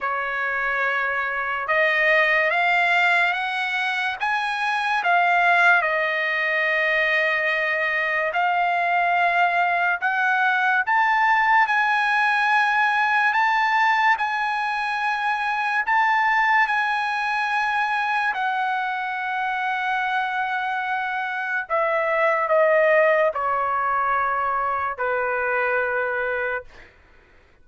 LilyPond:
\new Staff \with { instrumentName = "trumpet" } { \time 4/4 \tempo 4 = 72 cis''2 dis''4 f''4 | fis''4 gis''4 f''4 dis''4~ | dis''2 f''2 | fis''4 a''4 gis''2 |
a''4 gis''2 a''4 | gis''2 fis''2~ | fis''2 e''4 dis''4 | cis''2 b'2 | }